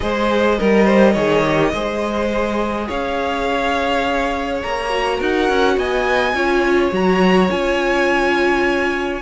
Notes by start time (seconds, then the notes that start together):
0.00 G#3 G#4 C5 D#5
0.58 G3 A#4
0.84 C5
1.12 D#3 G#4 C#5
1.44 G4
1.73 G#3 G#4 C5
2.87 C#4 C#5 F5
4.62 A#3 A#5
4.89 F#4
5.17 D#4 A#4 F#5
5.49 C#4
5.76 B3 D#5 G#5
6.33 C#4 F4 C#5
6.91 F#3 F#4 A#5
7.49 C#4 F4 G#5